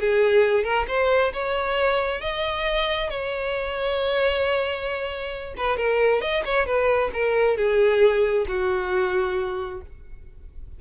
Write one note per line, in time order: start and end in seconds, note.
0.00 0.63 G#4
0.63 0.85 A#4
0.87 1.32 C5
1.33 2.21 C#5
2.21 3.09 D#5
3.09 5.54 C#5
5.57 5.77 B4
5.77 6.21 A#4
6.21 6.43 D#5
6.45 6.66 C#5
6.66 7.10 B4
7.13 7.56 A#4
7.56 8.45 G#4
8.47 9.81 F#4